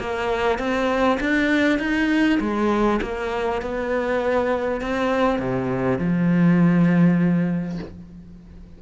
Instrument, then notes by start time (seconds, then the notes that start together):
cello
0.00 A#3
0.59 C4
1.21 D4
1.79 D#4
2.41 G#3
3.02 A#3
3.62 B3
4.81 C4
5.39 C3
5.99 F3